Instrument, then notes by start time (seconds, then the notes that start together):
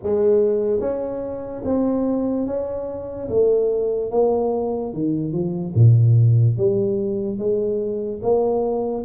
tuba
0.02 G#3
0.80 C#4
1.64 C4
2.46 C#4
3.28 A3
4.11 A#3
4.93 D#3
5.32 F3
5.75 A#2
6.57 G3
7.38 G#3
8.22 A#3